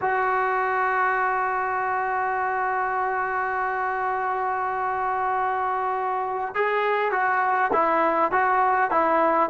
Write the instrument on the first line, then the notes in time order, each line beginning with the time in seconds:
trombone
0.01 F#4
6.54 G#4
7.11 F#4
7.72 E4
8.31 F#4
8.91 E4